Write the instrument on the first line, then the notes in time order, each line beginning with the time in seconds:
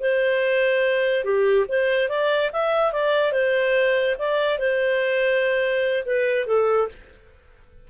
clarinet
0.00 C5
1.24 G4
1.69 C5
2.09 D5
2.53 E5
2.92 D5
3.32 C5
4.19 D5
4.59 C5
6.05 B4
6.47 A4